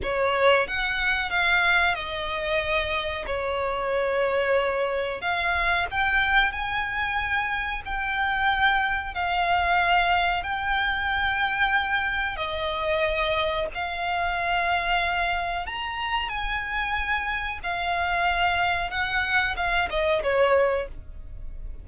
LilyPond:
\new Staff \with { instrumentName = "violin" } { \time 4/4 \tempo 4 = 92 cis''4 fis''4 f''4 dis''4~ | dis''4 cis''2. | f''4 g''4 gis''2 | g''2 f''2 |
g''2. dis''4~ | dis''4 f''2. | ais''4 gis''2 f''4~ | f''4 fis''4 f''8 dis''8 cis''4 | }